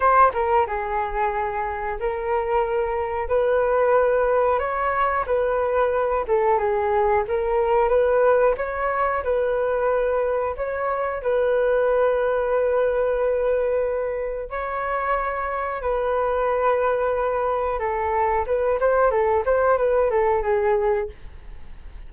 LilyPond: \new Staff \with { instrumentName = "flute" } { \time 4/4 \tempo 4 = 91 c''8 ais'8 gis'2 ais'4~ | ais'4 b'2 cis''4 | b'4. a'8 gis'4 ais'4 | b'4 cis''4 b'2 |
cis''4 b'2.~ | b'2 cis''2 | b'2. a'4 | b'8 c''8 a'8 c''8 b'8 a'8 gis'4 | }